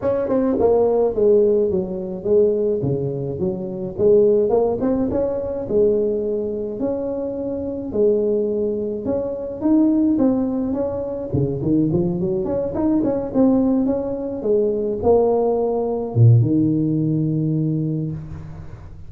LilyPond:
\new Staff \with { instrumentName = "tuba" } { \time 4/4 \tempo 4 = 106 cis'8 c'8 ais4 gis4 fis4 | gis4 cis4 fis4 gis4 | ais8 c'8 cis'4 gis2 | cis'2 gis2 |
cis'4 dis'4 c'4 cis'4 | cis8 dis8 f8 fis8 cis'8 dis'8 cis'8 c'8~ | c'8 cis'4 gis4 ais4.~ | ais8 ais,8 dis2. | }